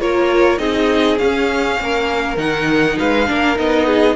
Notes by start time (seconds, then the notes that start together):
0.00 A#3 F4 A#4 C#5
0.58 C4 D#4 G#4 D#5
1.17 C#4 F5
1.80 A#3 A#4
2.37 D#3 D#4 F#5
2.98 G#3 B4 F5
3.26 A#3 D4 A#4
3.55 B3 D#4 D#5
3.86 G#4